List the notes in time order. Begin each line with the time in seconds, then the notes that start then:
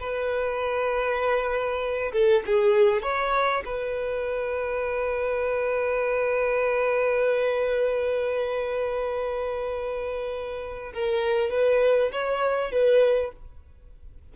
0.00 B4
2.13 A4
2.46 G#4
3.02 C#5
3.66 B4
10.94 A#4
11.51 B4
12.12 C#5
12.72 B4